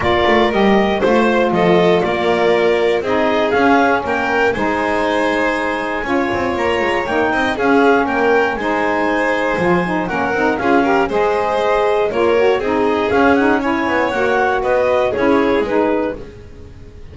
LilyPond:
<<
  \new Staff \with { instrumentName = "clarinet" } { \time 4/4 \tempo 4 = 119 d''4 dis''4 c''4 dis''4 | d''2 dis''4 f''4 | g''4 gis''2.~ | gis''4 ais''4 g''4 f''4 |
g''4 gis''2. | fis''4 f''4 dis''2 | cis''4 dis''4 f''8 fis''8 gis''4 | fis''4 dis''4 cis''4 b'4 | }
  \new Staff \with { instrumentName = "violin" } { \time 4/4 ais'2 c''4 a'4 | ais'2 gis'2 | ais'4 c''2. | cis''2~ cis''8 dis''8 gis'4 |
ais'4 c''2. | ais'4 gis'8 ais'8 c''2 | ais'4 gis'2 cis''4~ | cis''4 b'4 gis'2 | }
  \new Staff \with { instrumentName = "saxophone" } { \time 4/4 f'4 g'4 f'2~ | f'2 dis'4 cis'4~ | cis'4 dis'2. | f'2 dis'4 cis'4~ |
cis'4 dis'2 f'8 dis'8 | cis'8 dis'8 f'8 g'8 gis'2 | f'8 fis'8 dis'4 cis'8 dis'8 e'4 | fis'2 e'4 dis'4 | }
  \new Staff \with { instrumentName = "double bass" } { \time 4/4 ais8 a8 g4 a4 f4 | ais2 c'4 cis'4 | ais4 gis2. | cis'8 c'8 ais8 gis8 ais8 c'8 cis'4 |
ais4 gis2 f4 | ais8 c'8 cis'4 gis2 | ais4 c'4 cis'4. b8 | ais4 b4 cis'4 gis4 | }
>>